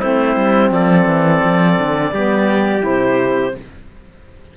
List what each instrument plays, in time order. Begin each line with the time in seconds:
0.00 cello A3, saxophone C4, trumpet E4, clarinet C5
0.36 cello G3
0.71 cello F3, trumpet A4, clarinet D5
1.06 cello E3
1.44 cello F3
1.79 cello D3
2.12 cello G3, saxophone B3, trumpet G4
2.81 cello C3, saxophone E4, clarinet C5